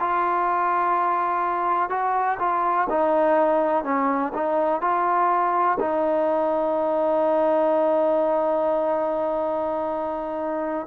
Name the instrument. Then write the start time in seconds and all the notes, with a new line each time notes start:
trombone
0.00 F4
1.90 F#4
2.39 F4
2.89 D#4
3.84 C#4
4.34 D#4
4.81 F4
5.79 D#4